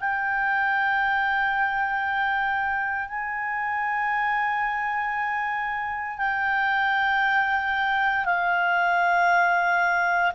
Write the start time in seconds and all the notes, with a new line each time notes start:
0.00 G5
3.08 G#5
6.18 G5
8.25 F5